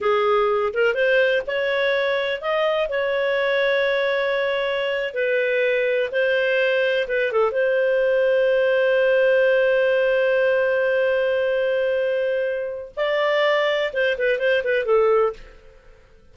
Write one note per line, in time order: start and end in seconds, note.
0.00 0.72 G#4
0.73 0.94 A#4
0.94 1.42 C5
1.46 2.41 C#5
2.41 2.89 D#5
2.89 5.14 C#5
5.14 6.10 B4
6.11 7.07 C5
7.08 7.32 B4
7.32 7.51 A4
7.51 12.91 C5
12.96 13.92 D5
13.93 14.17 C5
14.18 14.38 B4
14.38 14.62 C5
14.64 14.85 B4
14.85 15.33 A4